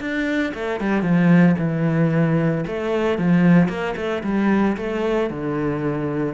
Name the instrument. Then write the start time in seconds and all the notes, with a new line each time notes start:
cello
0.00 D4
0.54 A3
0.80 G3
1.02 F3
1.58 E3
2.67 A3
3.18 F3
3.68 A#3
3.96 A3
4.23 G3
4.77 A3
5.30 D3